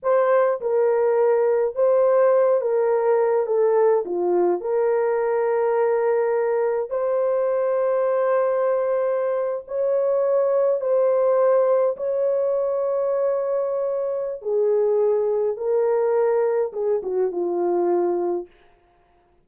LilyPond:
\new Staff \with { instrumentName = "horn" } { \time 4/4 \tempo 4 = 104 c''4 ais'2 c''4~ | c''8 ais'4. a'4 f'4 | ais'1 | c''1~ |
c''8. cis''2 c''4~ c''16~ | c''8. cis''2.~ cis''16~ | cis''4 gis'2 ais'4~ | ais'4 gis'8 fis'8 f'2 | }